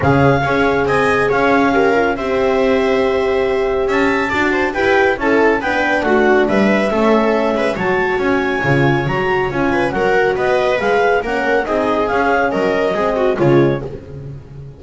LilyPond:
<<
  \new Staff \with { instrumentName = "clarinet" } { \time 4/4 \tempo 4 = 139 f''2 gis''4 f''4~ | f''4 e''2.~ | e''4 a''2 g''4 | a''4 g''4 fis''4 e''4~ |
e''2 a''4 gis''4~ | gis''4 ais''4 gis''4 fis''4 | dis''4 f''4 fis''4 dis''4 | f''4 dis''2 cis''4 | }
  \new Staff \with { instrumentName = "viola" } { \time 4/4 gis'4 cis''4 dis''4 cis''4 | ais'4 c''2.~ | c''4 e''4 d''8 c''8 b'4 | a'4 b'4 fis'4 b'4 |
a'4. b'8 cis''2~ | cis''2~ cis''8 b'8 ais'4 | b'2 ais'4 gis'4~ | gis'4 ais'4 gis'8 fis'8 f'4 | }
  \new Staff \with { instrumentName = "horn" } { \time 4/4 cis'4 gis'2. | g'8 f'8 g'2.~ | g'2 fis'4 g'4 | e'4 d'2. |
cis'2 fis'2 | f'4 fis'4 f'4 fis'4~ | fis'4 gis'4 cis'4 dis'4 | cis'2 c'4 gis4 | }
  \new Staff \with { instrumentName = "double bass" } { \time 4/4 cis4 cis'4 c'4 cis'4~ | cis'4 c'2.~ | c'4 cis'4 d'4 e'4 | cis'4 b4 a4 g4 |
a4. gis8 fis4 cis'4 | cis4 fis4 cis'4 fis4 | b4 gis4 ais4 c'4 | cis'4 fis4 gis4 cis4 | }
>>